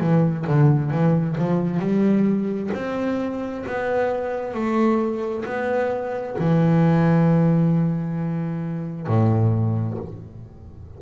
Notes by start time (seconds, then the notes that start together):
0.00 E3
0.48 D3
0.91 E3
1.38 F3
1.80 G3
2.74 C4
3.67 B3
4.54 A3
5.46 B3
6.39 E3
9.07 A2